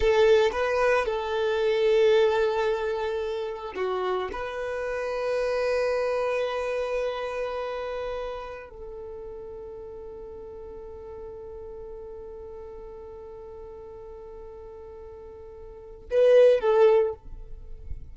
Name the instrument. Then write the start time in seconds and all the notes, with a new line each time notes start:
violin
0.00 A4
0.52 B4
1.05 A4
3.75 F#4
4.32 B4
8.69 A4
16.10 B4
16.60 A4